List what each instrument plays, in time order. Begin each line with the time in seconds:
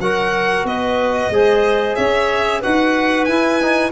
0.00 tuba F#3, trombone F#4, clarinet A#4, violin F#5
0.64 tuba B3, clarinet B4, violin D#5
1.30 tuba G#3, trombone G#4, clarinet C5
1.95 tuba C#4, clarinet C#5, violin E5
2.61 tuba D#4, trombone F#4, clarinet B4, violin F#5
3.25 tuba E4, trombone E4, violin G#5
3.62 trombone D#4